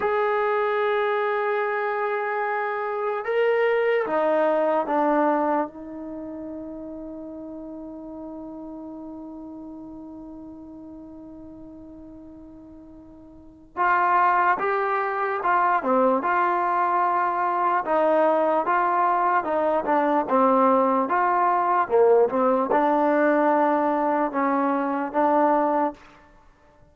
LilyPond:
\new Staff \with { instrumentName = "trombone" } { \time 4/4 \tempo 4 = 74 gis'1 | ais'4 dis'4 d'4 dis'4~ | dis'1~ | dis'1~ |
dis'4 f'4 g'4 f'8 c'8 | f'2 dis'4 f'4 | dis'8 d'8 c'4 f'4 ais8 c'8 | d'2 cis'4 d'4 | }